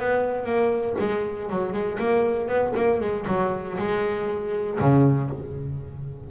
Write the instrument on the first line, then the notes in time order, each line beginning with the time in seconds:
double bass
0.00 B3
0.45 A#3
0.99 G#3
1.50 F#3
1.73 G#3
1.99 A#3
2.48 B3
2.76 A#3
3.01 G#3
3.27 F#3
3.78 G#3
4.80 C#3